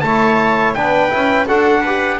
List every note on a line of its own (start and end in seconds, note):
0.00 0.75 A3
0.00 0.76 E4
0.00 0.76 C#5
0.00 0.72 A5
0.74 1.12 B3
0.74 1.09 D4
0.74 1.46 B4
0.74 1.47 G5
1.09 1.49 C#4
1.09 1.46 E4
1.46 2.20 D4
1.46 1.84 F#4
1.46 1.81 A4
1.46 2.20 F#5
1.81 2.20 G4
1.81 2.17 B4